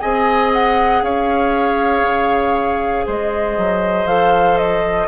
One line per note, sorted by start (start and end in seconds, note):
0.00 1.02 C4
0.00 4.08 G#4
0.00 1.03 D#5
0.00 0.51 G#5
0.53 1.04 F#5
1.02 2.03 C#4
1.02 3.06 C#5
1.02 3.07 F5
2.03 3.05 C#3
3.06 3.58 G#3
3.06 5.08 C5
3.06 4.07 D#5
3.58 4.06 F#3
4.06 5.07 F3
4.06 5.08 A4
4.06 4.58 F5
4.58 5.08 D#5